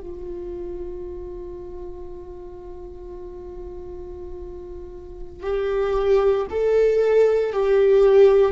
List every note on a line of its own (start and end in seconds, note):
0.00 5.43 F4
5.43 6.47 G4
6.50 7.53 A4
7.53 8.53 G4